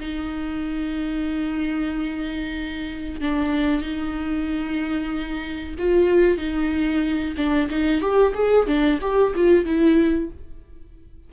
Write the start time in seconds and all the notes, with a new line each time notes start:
0.00 D#4
3.21 D4
3.82 D#4
5.79 F4
6.38 D#4
7.37 D4
7.70 D#4
8.01 G4
8.35 G#4
8.67 D4
9.01 G4
9.35 F4
9.65 E4